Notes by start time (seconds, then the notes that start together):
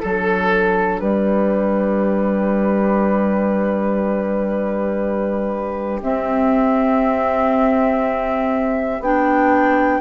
0.00 F#3 D4 A4
1.00 G3 G4 B4
6.03 C4 E5
9.00 B3 D4 G5